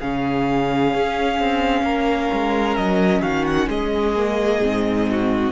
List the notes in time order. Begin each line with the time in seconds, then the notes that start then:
0.00 C#3 C#4 G#4 F5
0.94 C#4
1.40 C4
1.83 A#3 A#4
2.33 G#3
2.77 F#3 D#5
3.22 D#3 F#4 F5
3.46 F#5
3.68 G#3 G#4 D#5
4.17 A#3
4.59 G#2 C4
5.11 F#4